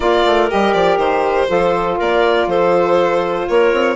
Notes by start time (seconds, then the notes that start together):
0.00 A#3 F4 A#4 D5
0.25 A3
0.48 G3 G4 D#5
0.73 F3 D5
0.97 D#3 C5
1.47 F3 F4 A4
1.98 A#3 A#4 D5
2.46 F3 A4 C5
3.48 A#3 A#4 C#5
3.73 C4